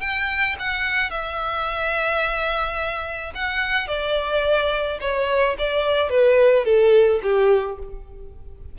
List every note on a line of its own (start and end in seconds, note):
0.00 0.56 G5
0.59 1.10 F#5
1.10 3.32 E5
3.34 3.87 F#5
3.87 4.98 D5
5.01 5.56 C#5
5.58 6.09 D5
6.09 6.65 B4
6.65 7.20 A4
7.22 7.78 G4